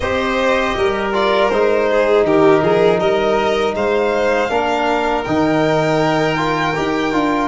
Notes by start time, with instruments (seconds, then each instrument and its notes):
0.00 tuba C4, trombone G4, violin C5 D#5
0.76 tuba G3, violin A#4
1.13 trombone F4, violin D5
1.49 tuba G#3, trombone D#4, violin C5
1.90 violin G#4
2.24 tuba D#3, violin G4 A#4
2.62 tuba F3, violin G#4
2.99 tuba G3, violin A#4 D#5
3.75 tuba G#3, violin C5 F5
4.49 tuba A#3, trombone D4, violin A#4
5.24 tuba D#3, trombone D#4, violin G5
6.36 trombone F4
6.75 tuba D#4, trombone G4
7.12 tuba D4, trombone F4